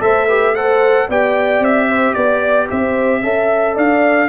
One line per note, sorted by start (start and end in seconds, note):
0.00 1.08 A3
0.00 0.27 A4
0.00 0.28 C5
0.00 0.55 E5
0.28 0.56 G4
0.28 0.55 B4
0.55 1.09 A4
0.55 1.08 C5
0.55 1.09 F#5
1.08 1.60 B3
1.08 3.23 G4
1.08 1.88 D5
1.08 1.64 G5
1.60 2.14 C4
1.60 2.14 E5
1.89 2.16 C5
2.14 2.70 B3
2.14 2.68 D5
2.14 2.70 D5
2.71 3.23 C4
2.71 3.21 C5
2.71 3.78 E5
3.21 3.77 C#4
3.21 4.29 A4
3.21 3.75 E5
3.75 4.29 D4
3.75 4.28 D5
3.75 4.29 F5